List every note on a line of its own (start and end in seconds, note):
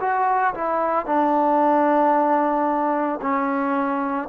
0.00 0.54 F#4
0.54 1.06 E4
1.06 3.20 D4
3.21 4.29 C#4